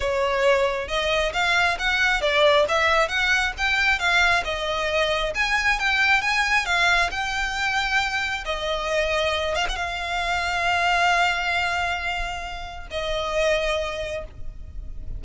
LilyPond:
\new Staff \with { instrumentName = "violin" } { \time 4/4 \tempo 4 = 135 cis''2 dis''4 f''4 | fis''4 d''4 e''4 fis''4 | g''4 f''4 dis''2 | gis''4 g''4 gis''4 f''4 |
g''2. dis''4~ | dis''4. f''16 fis''16 f''2~ | f''1~ | f''4 dis''2. | }